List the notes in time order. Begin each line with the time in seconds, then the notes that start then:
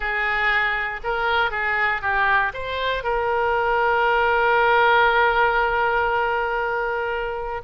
0.00 G#4
1.03 A#4
1.50 G#4
2.01 G4
2.53 C5
3.03 A#4